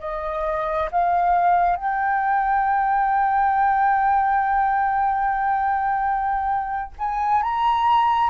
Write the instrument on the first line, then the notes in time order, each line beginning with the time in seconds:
flute
0.00 D#5
0.92 F5
1.77 G5
6.99 G#5
7.43 A#5